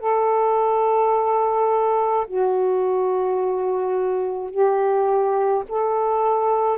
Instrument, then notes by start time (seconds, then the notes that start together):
saxophone
0.00 A4
2.27 F#4
4.51 G4
5.69 A4